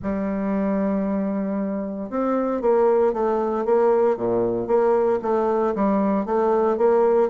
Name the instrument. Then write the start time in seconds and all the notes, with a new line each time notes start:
bassoon
0.02 G3
2.09 C4
2.61 A#3
3.13 A3
3.65 A#3
4.16 A#2
4.67 A#3
5.22 A3
5.75 G3
6.25 A3
6.77 A#3